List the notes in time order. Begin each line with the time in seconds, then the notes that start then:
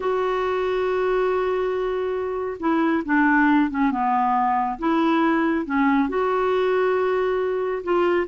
0.00 F#4
2.59 E4
3.05 D4
3.70 C#4
3.91 B3
4.78 E4
5.65 C#4
6.08 F#4
7.83 F4